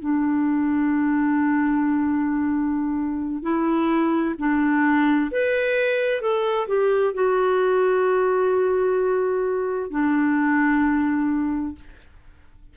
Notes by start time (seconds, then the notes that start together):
0.00 D4
3.43 E4
4.38 D4
5.32 B4
6.21 A4
6.68 G4
7.14 F#4
9.91 D4